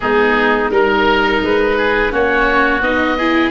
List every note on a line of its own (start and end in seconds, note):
0.00 0.70 G#3
0.00 0.71 B3
0.00 0.71 D#4
0.00 0.69 G#4
0.70 1.41 G3
0.70 2.09 D#4
0.70 1.41 A#4
0.70 1.77 A#4
1.42 2.12 G#3
1.42 2.13 B4
1.77 2.12 G#4
2.09 2.81 A#3
2.09 2.80 C#4
2.09 3.17 F#4
2.09 2.82 C#5
2.81 3.50 B3
2.81 3.18 D#4
2.81 3.50 D#5
3.17 3.50 E4
3.17 3.50 G#4